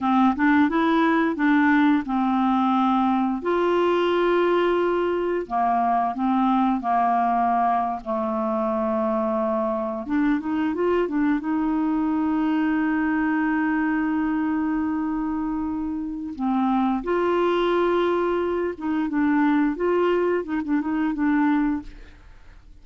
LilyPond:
\new Staff \with { instrumentName = "clarinet" } { \time 4/4 \tempo 4 = 88 c'8 d'8 e'4 d'4 c'4~ | c'4 f'2. | ais4 c'4 ais4.~ ais16 a16~ | a2~ a8. d'8 dis'8 f'16~ |
f'16 d'8 dis'2.~ dis'16~ | dis'1 | c'4 f'2~ f'8 dis'8 | d'4 f'4 dis'16 d'16 dis'8 d'4 | }